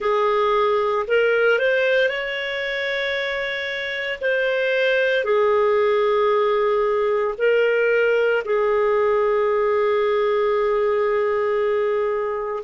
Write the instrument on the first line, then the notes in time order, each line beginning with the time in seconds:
clarinet
0.00 G#4
1.07 A#4
1.58 C5
2.08 C#5
4.21 C5
5.24 G#4
7.37 A#4
8.44 G#4